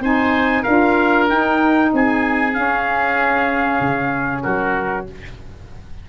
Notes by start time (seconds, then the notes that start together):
0.00 C4 D#4 C5 G#5
0.62 D4 F4 A#4 F5
1.27 D#4 G5
1.93 C4 G#4 G#5
2.53 C#4 F5
3.80 C#3
4.42 F#3 F#4 A#4